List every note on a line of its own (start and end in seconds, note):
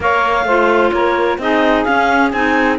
0.00 0.44 A#3
0.00 0.47 A#4
0.00 0.46 C#5
0.00 0.92 F5
0.44 0.90 A3
0.44 1.40 F4
0.44 0.92 C5
0.92 1.38 A#3
0.92 1.40 A#4
0.92 1.38 C#5
1.38 1.84 C4
1.38 1.87 D#4
1.38 2.78 G#4
1.38 1.84 D#5
1.84 2.33 C#4
1.84 2.32 C#4
1.84 2.31 F5
2.31 2.78 C4
2.31 2.78 D#4
2.31 2.77 G#5